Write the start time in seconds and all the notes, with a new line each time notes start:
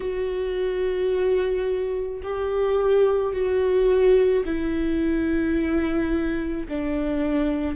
0.00 F#4
2.23 G4
3.32 F#4
4.45 E4
6.68 D4